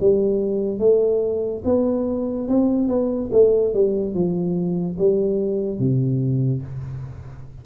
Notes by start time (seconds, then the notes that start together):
0.00 G3
0.79 A3
1.65 B3
2.48 C4
2.88 B3
3.32 A3
3.74 G3
4.14 F3
4.98 G3
5.79 C3